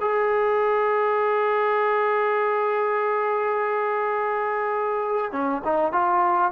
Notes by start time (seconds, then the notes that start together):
0.00 G#4
5.32 C#4
5.64 D#4
5.92 F4